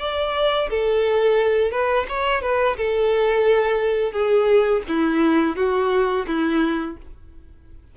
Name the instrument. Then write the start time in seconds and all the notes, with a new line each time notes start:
violin
0.00 D5
0.70 A4
1.72 B4
2.09 C#5
2.42 B4
2.77 A4
4.13 G#4
4.89 E4
5.57 F#4
6.28 E4